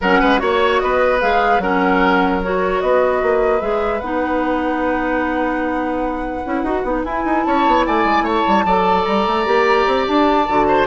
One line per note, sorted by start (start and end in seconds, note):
0.01 0.21 F#3
0.01 0.38 C#4
0.01 0.20 A#4
0.01 0.39 F#5
0.20 0.41 G#3
0.20 0.40 B4
0.38 0.81 A#3
0.38 1.19 F#4
0.38 0.79 C#5
0.38 0.82 C#5
0.79 1.22 B3
0.79 1.62 B4
0.79 1.19 D#5
1.20 1.58 G#3
1.20 1.60 G#4
1.20 1.60 F5
1.58 2.79 F#3
1.58 2.42 C#4
1.58 2.83 A#4
1.58 2.41 F#5
2.42 3.59 F#4
2.42 2.80 C#5
2.80 3.22 B3
2.80 7.46 B4
2.80 3.60 D#5
3.22 3.61 A#3
3.59 4.01 G#3
3.59 4.00 G#4
3.59 3.99 E5
3.99 6.43 B3
3.99 6.45 D#4
3.99 7.02 F#5
6.45 6.62 C#4
6.45 6.65 E4
6.62 6.82 D#4
6.62 6.85 F#4
6.83 7.03 B3
6.83 7.05 D#4
7.03 7.24 E4
7.03 8.66 E4
7.03 7.43 G#5
7.24 7.44 D#4
7.43 7.66 C#4
7.43 7.86 C#5
7.43 7.83 A5
7.66 7.86 B3
7.86 8.04 A3
7.86 8.24 D5
7.86 8.26 G#5
8.04 8.21 G#3
8.21 8.42 A3
8.21 8.64 C#5
8.21 9.05 A5
8.47 8.65 G3
8.65 9.05 F#3
8.65 9.45 A4
8.65 10.67 D5
9.05 9.27 G3
9.05 10.05 A#5
9.27 9.46 A3
9.45 9.86 A#3
9.45 10.45 G4
9.86 10.07 C4
10.07 10.48 D4
10.07 10.86 A5
10.48 10.86 D3
10.48 10.86 F#4
10.67 10.86 C5